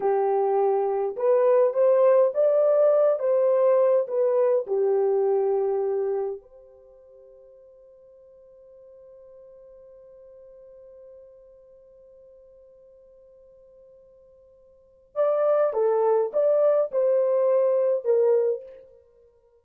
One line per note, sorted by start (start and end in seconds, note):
0.00 1.16 G4
1.16 1.73 B4
1.73 2.31 C5
2.34 3.19 D5
3.19 4.06 C5
4.07 4.65 B4
4.66 6.41 G4
6.41 15.15 C5
15.15 15.73 D5
15.73 16.31 A4
16.33 16.91 D5
16.91 18.04 C5
18.04 18.62 A#4